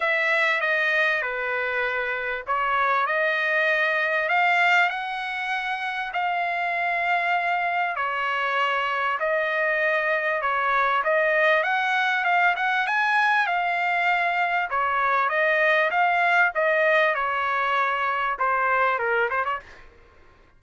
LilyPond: \new Staff \with { instrumentName = "trumpet" } { \time 4/4 \tempo 4 = 98 e''4 dis''4 b'2 | cis''4 dis''2 f''4 | fis''2 f''2~ | f''4 cis''2 dis''4~ |
dis''4 cis''4 dis''4 fis''4 | f''8 fis''8 gis''4 f''2 | cis''4 dis''4 f''4 dis''4 | cis''2 c''4 ais'8 c''16 cis''16 | }